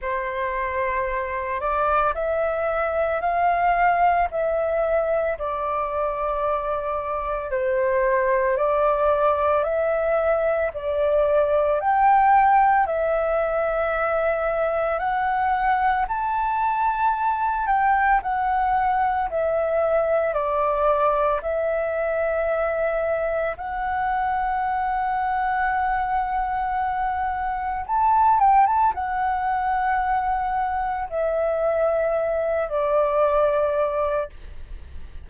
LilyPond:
\new Staff \with { instrumentName = "flute" } { \time 4/4 \tempo 4 = 56 c''4. d''8 e''4 f''4 | e''4 d''2 c''4 | d''4 e''4 d''4 g''4 | e''2 fis''4 a''4~ |
a''8 g''8 fis''4 e''4 d''4 | e''2 fis''2~ | fis''2 a''8 g''16 a''16 fis''4~ | fis''4 e''4. d''4. | }